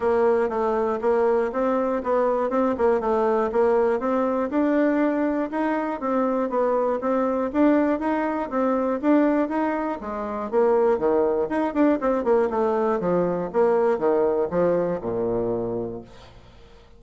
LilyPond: \new Staff \with { instrumentName = "bassoon" } { \time 4/4 \tempo 4 = 120 ais4 a4 ais4 c'4 | b4 c'8 ais8 a4 ais4 | c'4 d'2 dis'4 | c'4 b4 c'4 d'4 |
dis'4 c'4 d'4 dis'4 | gis4 ais4 dis4 dis'8 d'8 | c'8 ais8 a4 f4 ais4 | dis4 f4 ais,2 | }